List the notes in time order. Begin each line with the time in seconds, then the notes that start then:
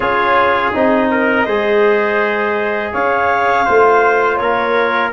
0.00 C#4 F4 G#4 C#5
0.73 C4 D#4 D#5
1.11 A#4
1.46 G#3 G#4 C5
2.92 C#4 C#5 F5
3.65 A3 F4 C5
4.36 A#3 A#4 C#5